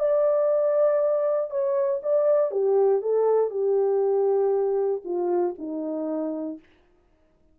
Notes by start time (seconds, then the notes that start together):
0.00 D5
1.51 C#5
2.04 D5
2.52 G4
3.02 A4
3.51 G4
5.05 F4
5.59 D#4